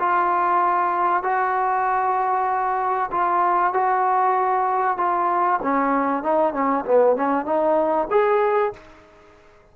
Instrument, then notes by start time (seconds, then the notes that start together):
trombone
0.00 F4
1.23 F#4
3.12 F4
3.74 F#4
4.98 F4
5.63 C#4
6.23 D#4
6.54 C#4
6.86 B3
7.17 C#4
7.46 D#4
8.11 G#4